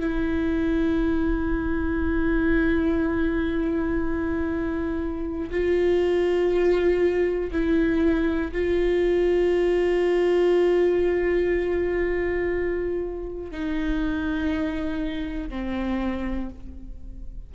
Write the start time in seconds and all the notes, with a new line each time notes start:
0.00 E4
5.51 F4
7.52 E4
8.52 F4
13.51 D#4
15.50 C4